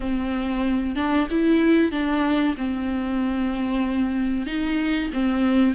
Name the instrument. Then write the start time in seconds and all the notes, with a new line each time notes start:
viola
0.00 C4
0.95 D4
1.30 E4
1.91 D4
2.57 C4
4.46 D#4
5.13 C4